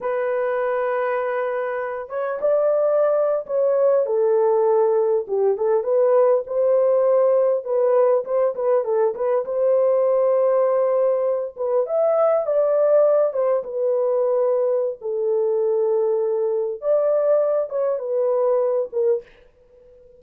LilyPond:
\new Staff \with { instrumentName = "horn" } { \time 4/4 \tempo 4 = 100 b'2.~ b'8 cis''8 | d''4.~ d''16 cis''4 a'4~ a'16~ | a'8. g'8 a'8 b'4 c''4~ c''16~ | c''8. b'4 c''8 b'8 a'8 b'8 c''16~ |
c''2.~ c''16 b'8 e''16~ | e''8. d''4. c''8 b'4~ b'16~ | b'4 a'2. | d''4. cis''8 b'4. ais'8 | }